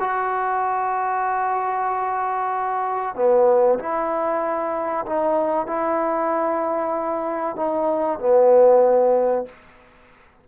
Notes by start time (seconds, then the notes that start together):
0.00 F#4
3.16 B3
3.79 E4
5.06 D#4
5.67 E4
7.57 D#4
8.20 B3